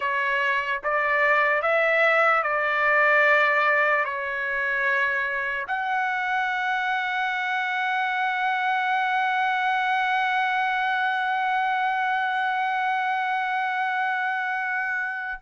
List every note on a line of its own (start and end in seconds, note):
0.00 0.81 C#5
0.83 1.62 D5
1.62 2.42 E5
2.42 4.04 D5
4.04 5.66 C#5
5.67 15.40 F#5